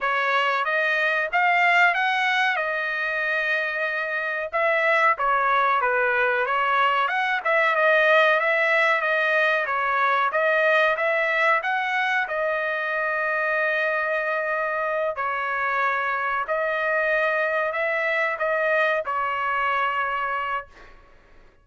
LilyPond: \new Staff \with { instrumentName = "trumpet" } { \time 4/4 \tempo 4 = 93 cis''4 dis''4 f''4 fis''4 | dis''2. e''4 | cis''4 b'4 cis''4 fis''8 e''8 | dis''4 e''4 dis''4 cis''4 |
dis''4 e''4 fis''4 dis''4~ | dis''2.~ dis''8 cis''8~ | cis''4. dis''2 e''8~ | e''8 dis''4 cis''2~ cis''8 | }